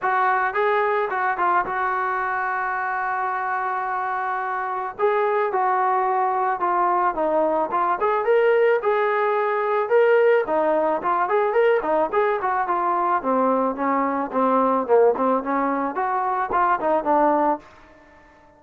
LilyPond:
\new Staff \with { instrumentName = "trombone" } { \time 4/4 \tempo 4 = 109 fis'4 gis'4 fis'8 f'8 fis'4~ | fis'1~ | fis'4 gis'4 fis'2 | f'4 dis'4 f'8 gis'8 ais'4 |
gis'2 ais'4 dis'4 | f'8 gis'8 ais'8 dis'8 gis'8 fis'8 f'4 | c'4 cis'4 c'4 ais8 c'8 | cis'4 fis'4 f'8 dis'8 d'4 | }